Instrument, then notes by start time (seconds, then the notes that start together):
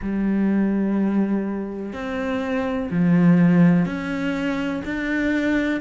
cello
0.01 G3
1.92 C4
2.90 F3
3.85 C#4
4.84 D4